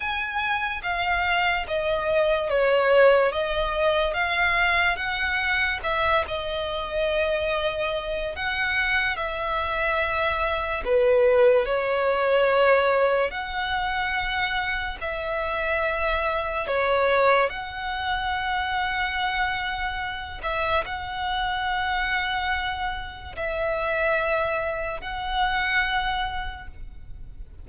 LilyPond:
\new Staff \with { instrumentName = "violin" } { \time 4/4 \tempo 4 = 72 gis''4 f''4 dis''4 cis''4 | dis''4 f''4 fis''4 e''8 dis''8~ | dis''2 fis''4 e''4~ | e''4 b'4 cis''2 |
fis''2 e''2 | cis''4 fis''2.~ | fis''8 e''8 fis''2. | e''2 fis''2 | }